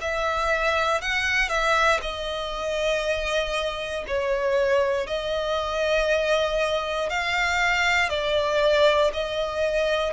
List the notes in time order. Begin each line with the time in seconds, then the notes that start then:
0.00 E5
1.01 F#5
1.48 E5
2.01 D#5
4.07 C#5
5.06 D#5
7.09 F5
8.09 D5
9.13 D#5